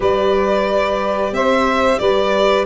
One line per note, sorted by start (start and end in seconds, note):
0.00 1.31 G3
0.00 2.66 G4
0.00 1.33 B4
0.00 1.34 D5
1.31 1.98 C4
1.31 1.99 C5
1.31 1.98 E5
1.98 2.66 G3
1.98 2.66 B4
1.98 2.65 D5